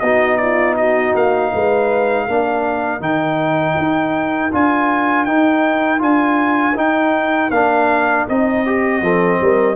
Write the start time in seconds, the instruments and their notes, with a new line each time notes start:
0.00 tuba B3, trombone D#4, horn F#4, trumpet D#5
0.37 horn F4, trumpet D5
0.77 horn F#4, trumpet D#5
1.15 tuba A#3, trumpet F5
1.54 tuba G#3, horn B4
2.27 tuba A#3, trombone D4, horn A#4
3.00 tuba D#3, trombone D#4, trumpet G5
3.78 tuba D#4
4.53 tuba D4, trombone F4, trumpet G#5
5.25 trombone D#4, tuba D#4, trumpet G5
5.99 tuba D4, trombone F4, trumpet G#5
6.75 tuba D#4, trombone D#4, trumpet G5
7.51 tuba A#3, trombone D4, trumpet F5
8.29 tuba C4, trombone D#4, trumpet D#5
8.66 trombone G4
9.02 tuba F3, trombone C4, horn A4
9.41 tuba G3, horn A#4